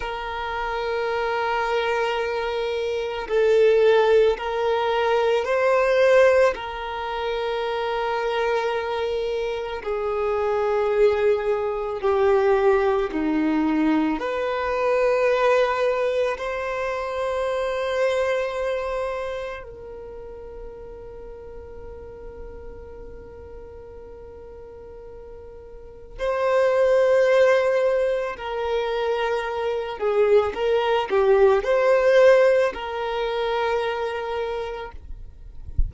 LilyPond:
\new Staff \with { instrumentName = "violin" } { \time 4/4 \tempo 4 = 55 ais'2. a'4 | ais'4 c''4 ais'2~ | ais'4 gis'2 g'4 | dis'4 b'2 c''4~ |
c''2 ais'2~ | ais'1 | c''2 ais'4. gis'8 | ais'8 g'8 c''4 ais'2 | }